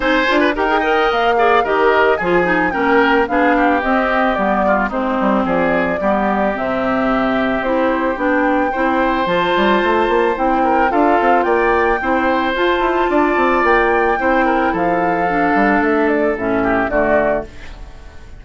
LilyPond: <<
  \new Staff \with { instrumentName = "flute" } { \time 4/4 \tempo 4 = 110 gis''4 g''4 f''4 dis''4 | gis''4 g''4 f''4 dis''4 | d''4 c''4 d''2 | e''2 c''4 g''4~ |
g''4 a''2 g''4 | f''4 g''2 a''4~ | a''4 g''2 f''4~ | f''4 e''8 d''8 e''4 d''4 | }
  \new Staff \with { instrumentName = "oboe" } { \time 4/4 c''8. b'16 ais'8 dis''4 d''8 ais'4 | gis'4 ais'4 gis'8 g'4.~ | g'8 f'8 dis'4 gis'4 g'4~ | g'1 |
c''2.~ c''8 ais'8 | a'4 d''4 c''2 | d''2 c''8 ais'8 a'4~ | a'2~ a'8 g'8 fis'4 | }
  \new Staff \with { instrumentName = "clarinet" } { \time 4/4 dis'8 f'8 g'16 gis'16 ais'4 gis'8 g'4 | f'8 dis'8 cis'4 d'4 c'4 | b4 c'2 b4 | c'2 e'4 d'4 |
e'4 f'2 e'4 | f'2 e'4 f'4~ | f'2 e'2 | d'2 cis'4 a4 | }
  \new Staff \with { instrumentName = "bassoon" } { \time 4/4 c'8 d'8 dis'4 ais4 dis4 | f4 ais4 b4 c'4 | g4 gis8 g8 f4 g4 | c2 c'4 b4 |
c'4 f8 g8 a8 ais8 c'4 | d'8 c'8 ais4 c'4 f'8 e'8 | d'8 c'8 ais4 c'4 f4~ | f8 g8 a4 a,4 d4 | }
>>